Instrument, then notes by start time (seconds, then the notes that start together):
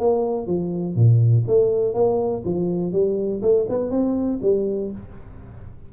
tuba
0.00 A#3
0.47 F3
0.96 A#2
1.48 A3
1.94 A#3
2.45 F3
2.93 G3
3.42 A3
3.70 B3
3.91 C4
4.43 G3